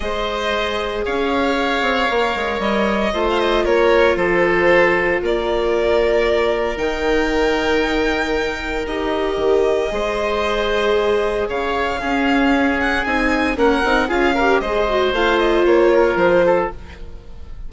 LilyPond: <<
  \new Staff \with { instrumentName = "violin" } { \time 4/4 \tempo 4 = 115 dis''2 f''2~ | f''4 dis''4~ dis''16 f''16 dis''8 cis''4 | c''2 d''2~ | d''4 g''2.~ |
g''4 dis''2.~ | dis''2 f''2~ | f''8 fis''8 gis''4 fis''4 f''4 | dis''4 f''8 dis''8 cis''4 c''4 | }
  \new Staff \with { instrumentName = "oboe" } { \time 4/4 c''2 cis''2~ | cis''2 c''4 ais'4 | a'2 ais'2~ | ais'1~ |
ais'2. c''4~ | c''2 cis''4 gis'4~ | gis'2 ais'4 gis'8 ais'8 | c''2~ c''8 ais'4 a'8 | }
  \new Staff \with { instrumentName = "viola" } { \time 4/4 gis'1 | ais'2 f'2~ | f'1~ | f'4 dis'2.~ |
dis'4 g'2 gis'4~ | gis'2. cis'4~ | cis'4 dis'4 cis'8 dis'8 f'8 g'8 | gis'8 fis'8 f'2. | }
  \new Staff \with { instrumentName = "bassoon" } { \time 4/4 gis2 cis'4. c'8 | ais8 gis8 g4 a4 ais4 | f2 ais2~ | ais4 dis2.~ |
dis4 dis'4 dis4 gis4~ | gis2 cis4 cis'4~ | cis'4 c'4 ais8 c'8 cis'4 | gis4 a4 ais4 f4 | }
>>